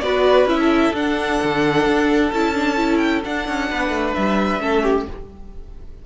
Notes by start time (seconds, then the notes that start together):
0.00 B3 F#4 B4 D5
0.45 C#4 E4 E5
0.60 A4
0.93 D4 F#5
1.43 D3
1.86 D4
2.32 C#4 E4 A5
2.54 D4
2.77 E4
2.98 G5
3.25 D4 F#5
3.48 C#4
3.70 B3 B4
3.89 A3
4.14 G3 E5
4.60 A3 C#4 A4
4.83 G4